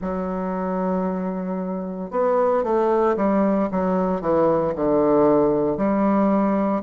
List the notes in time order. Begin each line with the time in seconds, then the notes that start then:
0.00 F#3
2.11 B3
2.63 A3
3.16 G3
3.71 F#3
4.21 E3
4.75 D3
5.77 G3